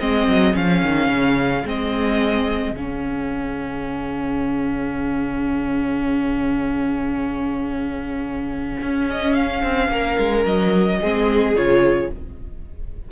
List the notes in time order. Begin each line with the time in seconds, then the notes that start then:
0.00 G#3 C4 G#4 D#5
0.27 F#3
0.54 F3 C#4 F5
0.82 D#3
1.08 C#3
1.65 G#3 C4 D#5
2.71 C#3 C#4 F5
8.82 C#4
9.10 D#5
9.34 F5
9.63 C4
9.89 A#3 A#4
10.19 G#3
10.45 F#3 D#5
11.00 G#3 C4 G#4
11.56 C#3 F4 C#5